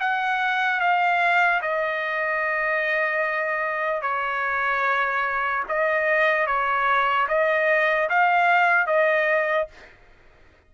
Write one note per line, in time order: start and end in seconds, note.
0.00 0.80 F#5
0.80 1.61 F5
1.62 4.02 D#5
4.02 5.64 C#5
5.69 6.47 D#5
6.47 7.28 C#5
7.28 8.09 D#5
8.10 8.87 F5
8.87 9.68 D#5